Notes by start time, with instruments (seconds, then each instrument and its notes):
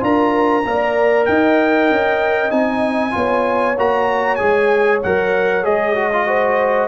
0.00 tuba D4, trombone F4, horn A#4, trumpet A#5
0.65 tuba A#3, trombone A#4, horn D5
1.26 tuba D#4, horn D#5, trumpet G5
1.91 tuba C#4
2.51 tuba C4, trombone D#4, trumpet G#5
3.11 tuba B3, trombone F4, horn C#5
3.78 tuba A#3, trombone F#4, trumpet A#5
4.35 tuba G#3, trombone G#4, trumpet G#5
5.03 tuba F#3, trombone A#4, trumpet F#5
5.63 tuba G#3, trombone G#4, trumpet D#5
5.95 trombone F#4
6.13 trombone F4
6.26 trombone F#4, horn C5